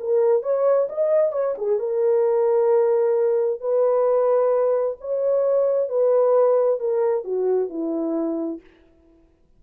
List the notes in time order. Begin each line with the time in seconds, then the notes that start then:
0.00 A#4
0.43 C#5
0.89 D#5
1.33 C#5
1.58 G#4
1.80 A#4
3.61 B4
5.01 C#5
5.90 B4
6.80 A#4
7.25 F#4
7.70 E4